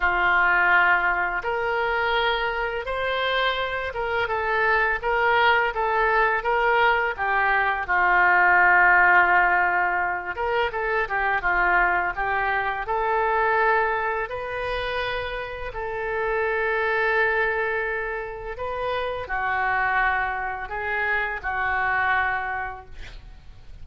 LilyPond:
\new Staff \with { instrumentName = "oboe" } { \time 4/4 \tempo 4 = 84 f'2 ais'2 | c''4. ais'8 a'4 ais'4 | a'4 ais'4 g'4 f'4~ | f'2~ f'8 ais'8 a'8 g'8 |
f'4 g'4 a'2 | b'2 a'2~ | a'2 b'4 fis'4~ | fis'4 gis'4 fis'2 | }